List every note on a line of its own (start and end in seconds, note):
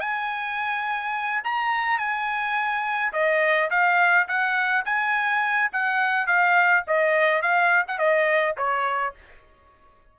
0.00 1.43 G#5
1.44 1.98 A#5
1.98 3.12 G#5
3.13 3.70 D#5
3.70 4.27 F5
4.28 4.85 F#5
4.85 5.71 G#5
5.72 6.26 F#5
6.26 6.84 F5
6.87 7.42 D#5
7.42 7.85 F5
7.88 7.98 F#5
7.98 8.56 D#5
8.57 9.14 C#5